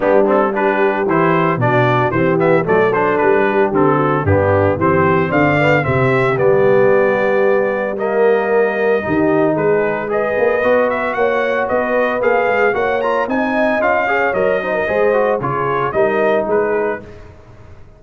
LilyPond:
<<
  \new Staff \with { instrumentName = "trumpet" } { \time 4/4 \tempo 4 = 113 g'8 a'8 b'4 c''4 d''4 | c''8 e''8 d''8 c''8 b'4 a'4 | g'4 c''4 f''4 e''4 | d''2. dis''4~ |
dis''2 b'4 dis''4~ | dis''8 e''8 fis''4 dis''4 f''4 | fis''8 ais''8 gis''4 f''4 dis''4~ | dis''4 cis''4 dis''4 b'4 | }
  \new Staff \with { instrumentName = "horn" } { \time 4/4 d'4 g'2 fis'4 | g'4 a'4. g'4 fis'8 | d'4 g'4 d''4 g'4~ | g'2. ais'4~ |
ais'4 g'4 gis'4 b'4~ | b'4 cis''4 b'2 | cis''4 dis''4. cis''4 c''16 ais'16 | c''4 gis'4 ais'4 gis'4 | }
  \new Staff \with { instrumentName = "trombone" } { \time 4/4 b8 c'8 d'4 e'4 d'4 | c'8 b8 a8 d'4. c'4 | b4 c'4. b8 c'4 | b2. ais4~ |
ais4 dis'2 gis'4 | fis'2. gis'4 | fis'8 f'8 dis'4 f'8 gis'8 ais'8 dis'8 | gis'8 fis'8 f'4 dis'2 | }
  \new Staff \with { instrumentName = "tuba" } { \time 4/4 g2 e4 b,4 | e4 fis4 g4 d4 | g,4 e4 d4 c4 | g1~ |
g4 dis4 gis4. ais8 | b4 ais4 b4 ais8 gis8 | ais4 c'4 cis'4 fis4 | gis4 cis4 g4 gis4 | }
>>